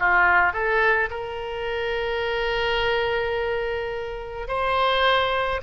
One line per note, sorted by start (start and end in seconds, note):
0.00 0.53 F4
0.53 1.10 A4
1.10 4.48 A#4
4.48 5.61 C5